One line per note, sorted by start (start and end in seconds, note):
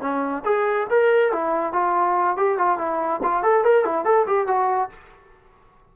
0.00 0.43 C#4
0.44 0.87 G#4
0.90 1.32 A#4
1.32 1.73 E4
1.73 2.36 F4
2.36 2.58 G4
2.58 2.77 F4
2.77 3.20 E4
3.22 3.42 F4
3.42 3.63 A4
3.63 3.84 A#4
3.84 4.04 E4
4.04 4.26 A4
4.26 4.47 G4
4.47 4.89 F#4